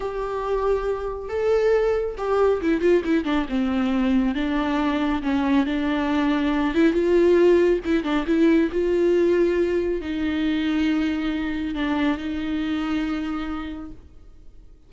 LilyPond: \new Staff \with { instrumentName = "viola" } { \time 4/4 \tempo 4 = 138 g'2. a'4~ | a'4 g'4 e'8 f'8 e'8 d'8 | c'2 d'2 | cis'4 d'2~ d'8 e'8 |
f'2 e'8 d'8 e'4 | f'2. dis'4~ | dis'2. d'4 | dis'1 | }